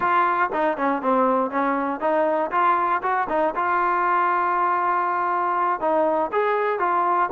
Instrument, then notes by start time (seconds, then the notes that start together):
trombone
0.00 F4
0.52 D#4
0.77 C#4
1.02 C4
1.50 C#4
2.00 D#4
2.51 F4
3.02 F#4
3.29 D#4
3.55 F4
5.80 D#4
6.32 G#4
6.79 F4